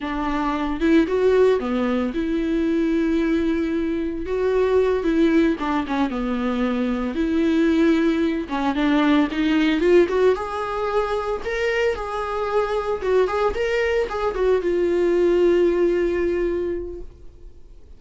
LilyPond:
\new Staff \with { instrumentName = "viola" } { \time 4/4 \tempo 4 = 113 d'4. e'8 fis'4 b4 | e'1 | fis'4. e'4 d'8 cis'8 b8~ | b4. e'2~ e'8 |
cis'8 d'4 dis'4 f'8 fis'8 gis'8~ | gis'4. ais'4 gis'4.~ | gis'8 fis'8 gis'8 ais'4 gis'8 fis'8 f'8~ | f'1 | }